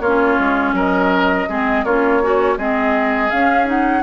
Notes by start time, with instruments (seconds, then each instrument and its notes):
0.00 bassoon A#3, oboe F4, flute C#5
0.07 clarinet C#4
0.39 bassoon G#3
0.73 bassoon F#3, oboe A#4, flute D#5
1.49 bassoon G#3, clarinet C4, oboe G#4
1.84 bassoon A#3, clarinet C#4, oboe F4, flute C#5
2.22 oboe C#4, clarinet F#4
2.58 bassoon G#3, clarinet C4, oboe G#4, flute D#5
3.30 bassoon C#4, clarinet C#4, flute F5
3.66 clarinet D#4, flute F#5